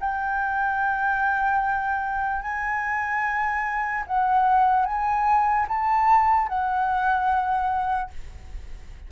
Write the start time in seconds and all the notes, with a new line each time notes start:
0.00 G5
2.42 G#5
4.07 F#5
4.86 G#5
5.68 A5
6.48 F#5